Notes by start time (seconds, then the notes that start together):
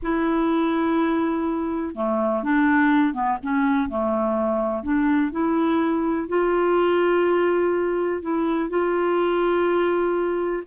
0.02 E4
1.95 A3
2.43 D4
3.13 B3
3.42 C#4
3.89 A3
4.83 D4
5.31 E4
6.28 F4
8.21 E4
8.69 F4